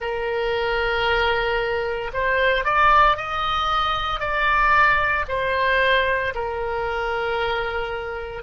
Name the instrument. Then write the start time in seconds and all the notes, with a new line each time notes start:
oboe
0.00 A#4
2.13 C5
2.64 D5
3.16 D#5
4.20 D5
5.28 C5
6.34 A#4